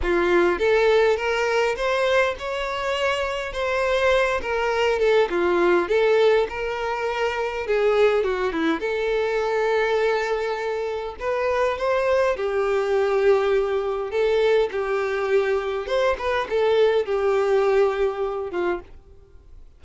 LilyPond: \new Staff \with { instrumentName = "violin" } { \time 4/4 \tempo 4 = 102 f'4 a'4 ais'4 c''4 | cis''2 c''4. ais'8~ | ais'8 a'8 f'4 a'4 ais'4~ | ais'4 gis'4 fis'8 e'8 a'4~ |
a'2. b'4 | c''4 g'2. | a'4 g'2 c''8 b'8 | a'4 g'2~ g'8 f'8 | }